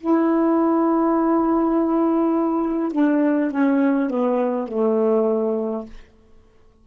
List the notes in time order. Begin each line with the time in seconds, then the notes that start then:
0.00 E4
2.92 D4
3.51 C#4
4.10 B3
4.68 A3